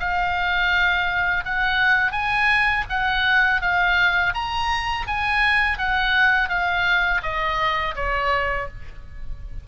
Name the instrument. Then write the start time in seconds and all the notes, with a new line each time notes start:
oboe
0.00 F5
1.45 F#5
2.12 G#5
2.90 F#5
3.61 F5
4.34 A#5
5.07 G#5
5.78 F#5
6.49 F5
7.23 D#5
7.96 C#5